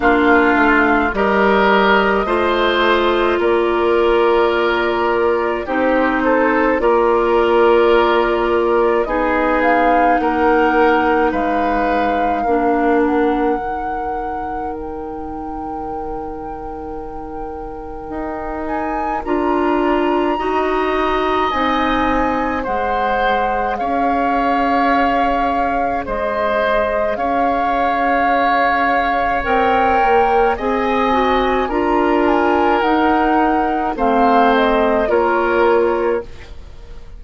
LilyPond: <<
  \new Staff \with { instrumentName = "flute" } { \time 4/4 \tempo 4 = 53 f''4 dis''2 d''4~ | d''4 c''4 d''2 | dis''8 f''8 fis''4 f''4. fis''8~ | fis''4 g''2.~ |
g''8 gis''8 ais''2 gis''4 | fis''4 f''2 dis''4 | f''2 g''4 gis''4 | ais''8 gis''8 fis''4 f''8 dis''8 cis''4 | }
  \new Staff \with { instrumentName = "oboe" } { \time 4/4 f'4 ais'4 c''4 ais'4~ | ais'4 g'8 a'8 ais'2 | gis'4 ais'4 b'4 ais'4~ | ais'1~ |
ais'2 dis''2 | c''4 cis''2 c''4 | cis''2. dis''4 | ais'2 c''4 ais'4 | }
  \new Staff \with { instrumentName = "clarinet" } { \time 4/4 d'4 g'4 f'2~ | f'4 dis'4 f'2 | dis'2. d'4 | dis'1~ |
dis'4 f'4 fis'4 dis'4 | gis'1~ | gis'2 ais'4 gis'8 fis'8 | f'4 dis'4 c'4 f'4 | }
  \new Staff \with { instrumentName = "bassoon" } { \time 4/4 ais8 a8 g4 a4 ais4~ | ais4 c'4 ais2 | b4 ais4 gis4 ais4 | dis1 |
dis'4 d'4 dis'4 c'4 | gis4 cis'2 gis4 | cis'2 c'8 ais8 c'4 | d'4 dis'4 a4 ais4 | }
>>